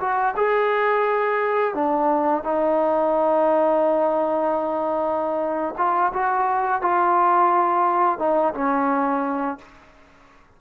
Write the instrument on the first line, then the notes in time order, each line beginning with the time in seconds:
trombone
0.00 F#4
0.36 G#4
1.74 D4
2.44 D#4
5.78 F4
6.13 F#4
6.82 F4
8.19 D#4
8.54 C#4